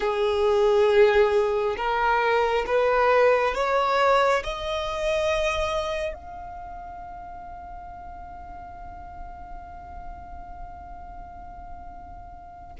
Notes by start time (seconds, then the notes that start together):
0.00 G#4
1.76 A#4
2.66 B4
3.55 C#5
4.43 D#5
6.14 F5